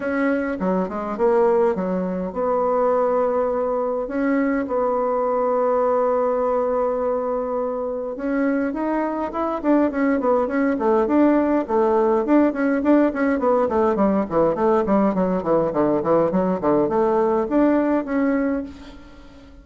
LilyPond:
\new Staff \with { instrumentName = "bassoon" } { \time 4/4 \tempo 4 = 103 cis'4 fis8 gis8 ais4 fis4 | b2. cis'4 | b1~ | b2 cis'4 dis'4 |
e'8 d'8 cis'8 b8 cis'8 a8 d'4 | a4 d'8 cis'8 d'8 cis'8 b8 a8 | g8 e8 a8 g8 fis8 e8 d8 e8 | fis8 d8 a4 d'4 cis'4 | }